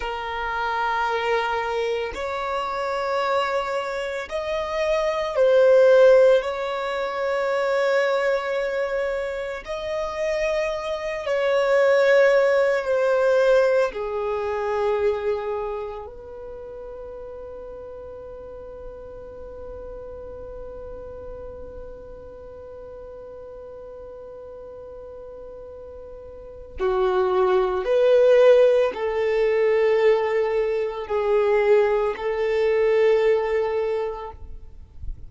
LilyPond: \new Staff \with { instrumentName = "violin" } { \time 4/4 \tempo 4 = 56 ais'2 cis''2 | dis''4 c''4 cis''2~ | cis''4 dis''4. cis''4. | c''4 gis'2 b'4~ |
b'1~ | b'1~ | b'4 fis'4 b'4 a'4~ | a'4 gis'4 a'2 | }